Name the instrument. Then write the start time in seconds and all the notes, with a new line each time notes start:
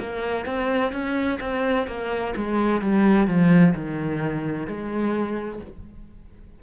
cello
0.00 A#3
0.46 C4
0.93 C#4
1.41 C4
1.87 A#3
2.37 G#3
2.82 G3
3.28 F3
3.75 D#3
4.67 G#3